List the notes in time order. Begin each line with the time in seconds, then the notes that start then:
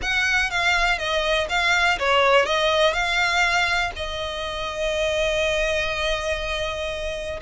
0.02 F#5
0.50 F5
0.98 D#5
1.49 F5
1.98 C#5
2.45 D#5
2.93 F5
3.95 D#5